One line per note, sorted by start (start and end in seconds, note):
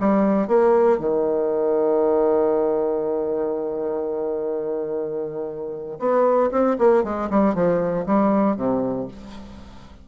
0.00 0.47 G3
0.47 0.99 A#3
0.99 5.99 D#3
5.99 6.50 B3
6.51 6.77 C4
6.78 7.03 A#3
7.03 7.29 G#3
7.30 7.54 G3
7.54 8.06 F3
8.06 8.56 G3
8.56 9.07 C3